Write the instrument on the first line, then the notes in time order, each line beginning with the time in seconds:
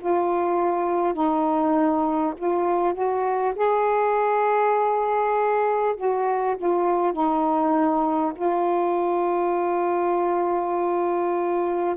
saxophone
0.00 F4
1.14 D#4
2.37 F4
2.94 F#4
3.56 G#4
5.97 F#4
6.57 F4
7.13 D#4
8.36 F4